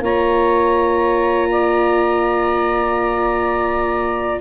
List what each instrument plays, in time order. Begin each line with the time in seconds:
0.00 tuba A#3, viola F4, saxophone C#5, trumpet A#5
1.52 saxophone D5